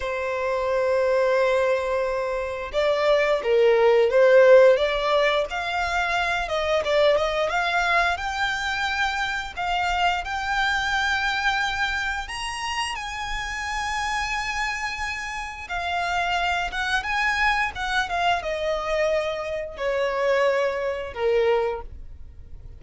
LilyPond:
\new Staff \with { instrumentName = "violin" } { \time 4/4 \tempo 4 = 88 c''1 | d''4 ais'4 c''4 d''4 | f''4. dis''8 d''8 dis''8 f''4 | g''2 f''4 g''4~ |
g''2 ais''4 gis''4~ | gis''2. f''4~ | f''8 fis''8 gis''4 fis''8 f''8 dis''4~ | dis''4 cis''2 ais'4 | }